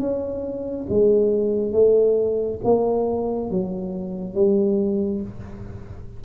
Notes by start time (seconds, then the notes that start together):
0.00 C#4
0.89 G#3
1.73 A3
2.64 A#3
3.51 F#3
4.34 G3